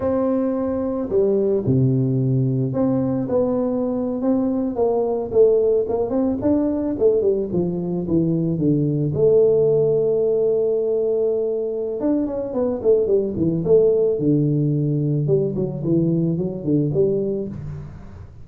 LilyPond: \new Staff \with { instrumentName = "tuba" } { \time 4/4 \tempo 4 = 110 c'2 g4 c4~ | c4 c'4 b4.~ b16 c'16~ | c'8. ais4 a4 ais8 c'8 d'16~ | d'8. a8 g8 f4 e4 d16~ |
d8. a2.~ a16~ | a2 d'8 cis'8 b8 a8 | g8 e8 a4 d2 | g8 fis8 e4 fis8 d8 g4 | }